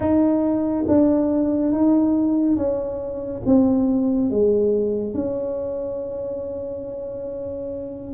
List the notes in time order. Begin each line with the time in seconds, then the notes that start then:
0.00 D#4
0.87 D4
1.72 D#4
2.56 C#4
3.45 C4
4.30 G#3
5.14 C#4